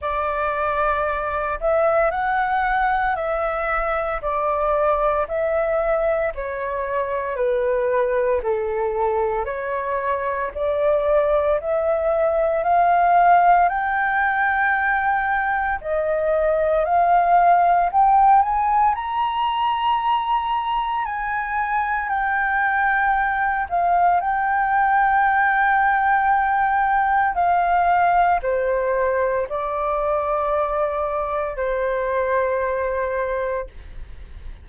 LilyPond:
\new Staff \with { instrumentName = "flute" } { \time 4/4 \tempo 4 = 57 d''4. e''8 fis''4 e''4 | d''4 e''4 cis''4 b'4 | a'4 cis''4 d''4 e''4 | f''4 g''2 dis''4 |
f''4 g''8 gis''8 ais''2 | gis''4 g''4. f''8 g''4~ | g''2 f''4 c''4 | d''2 c''2 | }